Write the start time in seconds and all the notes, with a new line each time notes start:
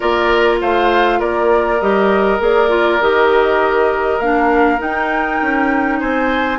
0.00 A#3 F4 A#4 D5
0.60 A3 C5 F5
1.19 A#3 A#4 D5
1.80 G3 G4 D#5
2.39 A#3 G#4 D5
2.68 F4
3.00 D#3 G4 D#5
4.19 A#3 D4 F5
4.78 D#4 G5
5.41 C#4
5.99 C4 C5 G#5